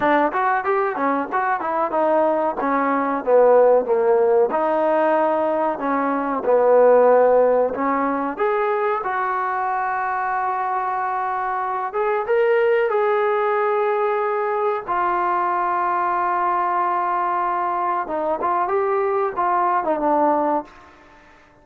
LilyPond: \new Staff \with { instrumentName = "trombone" } { \time 4/4 \tempo 4 = 93 d'8 fis'8 g'8 cis'8 fis'8 e'8 dis'4 | cis'4 b4 ais4 dis'4~ | dis'4 cis'4 b2 | cis'4 gis'4 fis'2~ |
fis'2~ fis'8 gis'8 ais'4 | gis'2. f'4~ | f'1 | dis'8 f'8 g'4 f'8. dis'16 d'4 | }